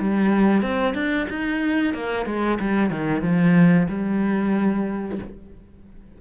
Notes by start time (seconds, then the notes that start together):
0.00 G3
0.63 C4
0.95 D4
1.30 D#4
1.94 A#3
2.26 G#3
2.60 G3
2.91 D#3
3.22 F3
3.88 G3